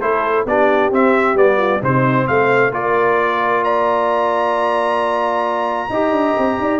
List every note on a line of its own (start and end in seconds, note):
0.00 0.45 A3
0.00 0.46 E4
0.00 0.45 A4
0.00 0.45 C5
0.45 0.90 B3
0.45 0.92 D4
0.45 1.57 G4
0.45 0.92 D5
0.90 1.34 C4
0.90 1.35 C4
0.90 1.37 E5
1.34 1.79 G3
1.34 1.80 B3
1.34 1.82 D5
1.57 1.80 F4
1.81 2.27 C3
1.81 2.71 C4
1.81 2.26 D#4
1.81 2.27 C5
2.26 2.70 A3
2.26 2.71 C5
2.26 2.72 F5
2.70 5.88 A#3
2.70 5.89 F4
2.70 3.63 A#4
2.70 3.64 D5
3.63 5.90 D5
3.63 6.80 A#5
5.89 6.10 D#4
5.89 6.80 G4
5.89 6.58 D#5
6.10 6.33 D4
6.38 6.58 C4
6.58 6.80 D#4
6.58 6.80 D5